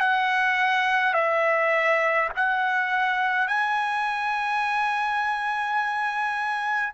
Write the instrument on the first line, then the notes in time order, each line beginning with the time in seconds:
trumpet
0.00 F#5
1.13 E5
2.35 F#5
3.47 G#5